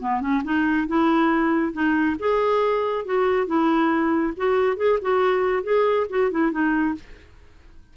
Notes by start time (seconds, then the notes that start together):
0.00 B3
0.21 C#4
0.44 D#4
0.88 E4
1.73 D#4
2.19 G#4
3.06 F#4
3.47 E4
4.37 F#4
4.77 G#4
5.02 F#4
5.64 G#4
6.10 F#4
6.32 E4
6.52 D#4